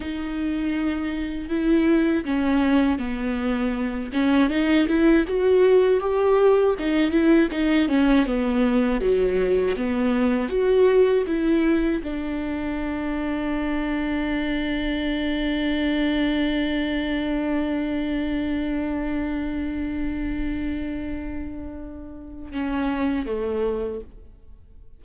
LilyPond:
\new Staff \with { instrumentName = "viola" } { \time 4/4 \tempo 4 = 80 dis'2 e'4 cis'4 | b4. cis'8 dis'8 e'8 fis'4 | g'4 dis'8 e'8 dis'8 cis'8 b4 | fis4 b4 fis'4 e'4 |
d'1~ | d'1~ | d'1~ | d'2 cis'4 a4 | }